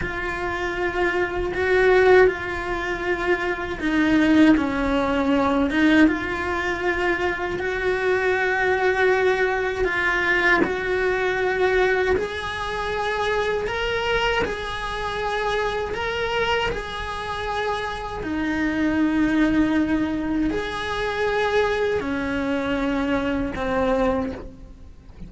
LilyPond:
\new Staff \with { instrumentName = "cello" } { \time 4/4 \tempo 4 = 79 f'2 fis'4 f'4~ | f'4 dis'4 cis'4. dis'8 | f'2 fis'2~ | fis'4 f'4 fis'2 |
gis'2 ais'4 gis'4~ | gis'4 ais'4 gis'2 | dis'2. gis'4~ | gis'4 cis'2 c'4 | }